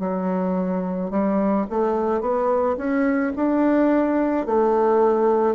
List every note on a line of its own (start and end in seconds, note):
0.00 1.11 F#3
1.11 1.67 G3
1.70 2.21 A3
2.21 2.77 B3
2.77 3.33 C#4
3.36 4.46 D4
4.46 5.56 A3